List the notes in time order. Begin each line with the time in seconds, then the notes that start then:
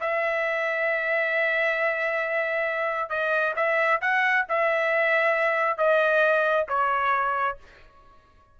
0.00 E5
3.09 D#5
3.56 E5
4.01 F#5
4.48 E5
5.77 D#5
6.68 C#5